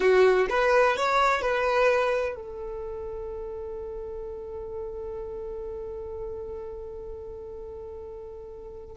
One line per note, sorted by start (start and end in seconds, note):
0.00 0.47 F#4
0.49 0.96 B4
0.96 1.41 C#5
1.41 2.35 B4
2.35 8.96 A4